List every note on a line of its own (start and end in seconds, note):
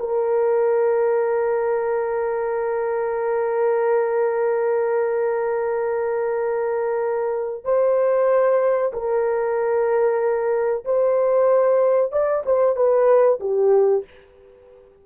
0.00 7.65 A#4
7.65 8.92 C5
8.93 10.85 A#4
10.85 12.12 C5
12.12 12.44 D5
12.46 12.76 C5
12.76 13.40 B4
13.40 14.04 G4